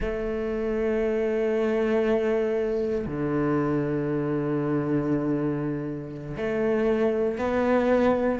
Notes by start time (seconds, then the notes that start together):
0.00 A3
3.06 D3
6.36 A3
7.37 B3